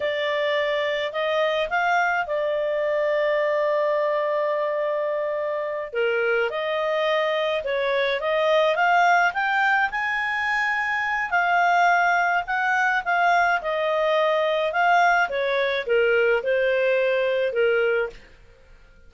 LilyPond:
\new Staff \with { instrumentName = "clarinet" } { \time 4/4 \tempo 4 = 106 d''2 dis''4 f''4 | d''1~ | d''2~ d''8 ais'4 dis''8~ | dis''4. cis''4 dis''4 f''8~ |
f''8 g''4 gis''2~ gis''8 | f''2 fis''4 f''4 | dis''2 f''4 cis''4 | ais'4 c''2 ais'4 | }